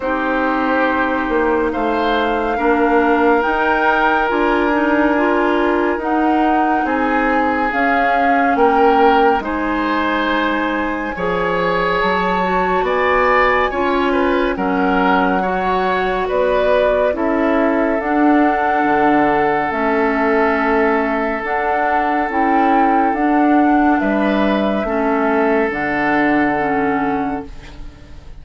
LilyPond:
<<
  \new Staff \with { instrumentName = "flute" } { \time 4/4 \tempo 4 = 70 c''2 f''2 | g''4 gis''2 fis''4 | gis''4 f''4 g''4 gis''4~ | gis''2 a''4 gis''4~ |
gis''4 fis''2 d''4 | e''4 fis''2 e''4~ | e''4 fis''4 g''4 fis''4 | e''2 fis''2 | }
  \new Staff \with { instrumentName = "oboe" } { \time 4/4 g'2 c''4 ais'4~ | ais'1 | gis'2 ais'4 c''4~ | c''4 cis''2 d''4 |
cis''8 b'8 ais'4 cis''4 b'4 | a'1~ | a'1 | b'4 a'2. | }
  \new Staff \with { instrumentName = "clarinet" } { \time 4/4 dis'2. d'4 | dis'4 f'8 dis'8 f'4 dis'4~ | dis'4 cis'2 dis'4~ | dis'4 gis'4. fis'4. |
f'4 cis'4 fis'2 | e'4 d'2 cis'4~ | cis'4 d'4 e'4 d'4~ | d'4 cis'4 d'4 cis'4 | }
  \new Staff \with { instrumentName = "bassoon" } { \time 4/4 c'4. ais8 a4 ais4 | dis'4 d'2 dis'4 | c'4 cis'4 ais4 gis4~ | gis4 f4 fis4 b4 |
cis'4 fis2 b4 | cis'4 d'4 d4 a4~ | a4 d'4 cis'4 d'4 | g4 a4 d2 | }
>>